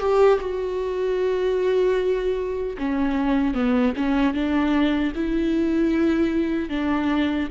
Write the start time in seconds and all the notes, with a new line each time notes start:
0.00 G4
0.41 F#4
2.78 C#4
3.55 B3
3.97 C#4
4.34 D4
5.16 E4
6.70 D4